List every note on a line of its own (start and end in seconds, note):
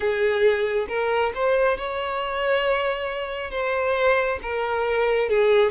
0.00 0.86 G#4
0.88 1.32 A#4
1.34 1.77 C5
1.77 3.51 C#5
3.51 4.39 C5
4.42 5.29 A#4
5.29 5.71 G#4